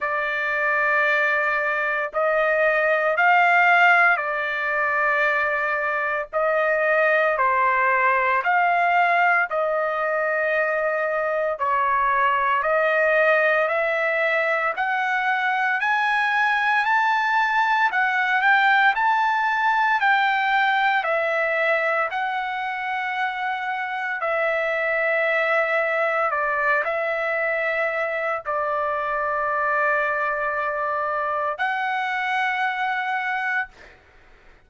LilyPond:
\new Staff \with { instrumentName = "trumpet" } { \time 4/4 \tempo 4 = 57 d''2 dis''4 f''4 | d''2 dis''4 c''4 | f''4 dis''2 cis''4 | dis''4 e''4 fis''4 gis''4 |
a''4 fis''8 g''8 a''4 g''4 | e''4 fis''2 e''4~ | e''4 d''8 e''4. d''4~ | d''2 fis''2 | }